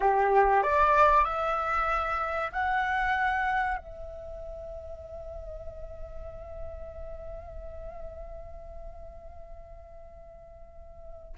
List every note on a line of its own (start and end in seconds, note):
0.00 0.62 G4
0.62 1.25 D5
1.25 2.51 E5
2.52 3.77 F#5
3.77 11.35 E5